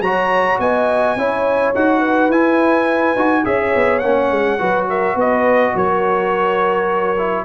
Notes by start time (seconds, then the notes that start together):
0.00 F#3 F#4 C#5 A#5
0.59 B3 D#5 G#5
1.16 C#4 E4 C#5
1.74 D#4 F#4 F#5
1.99 B4
2.28 E4 G#5
3.15 D#4 F#4
3.44 C#4 G#4 C#5 E5
3.75 B3
3.98 A#3 C#4 F#5
4.30 G#3
4.58 F#3 F#4 B4
4.89 A#4 E5
5.15 B3 B4 D#5
5.74 F#3 A#4 C#5
7.17 E4